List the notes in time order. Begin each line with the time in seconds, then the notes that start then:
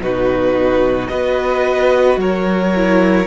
0.00 B2 D#4 F#4 B4
1.08 B3 F#4 B4 D#5
2.17 F#3 A#4 C#5
2.75 E4